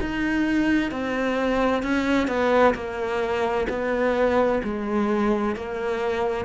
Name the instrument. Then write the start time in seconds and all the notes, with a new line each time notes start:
cello
0.00 D#4
0.91 C4
1.83 C#4
2.27 B3
2.74 A#3
3.69 B3
4.63 G#3
5.55 A#3